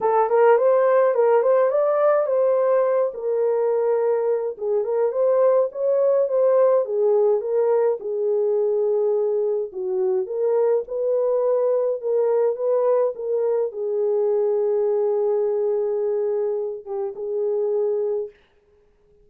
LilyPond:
\new Staff \with { instrumentName = "horn" } { \time 4/4 \tempo 4 = 105 a'8 ais'8 c''4 ais'8 c''8 d''4 | c''4. ais'2~ ais'8 | gis'8 ais'8 c''4 cis''4 c''4 | gis'4 ais'4 gis'2~ |
gis'4 fis'4 ais'4 b'4~ | b'4 ais'4 b'4 ais'4 | gis'1~ | gis'4. g'8 gis'2 | }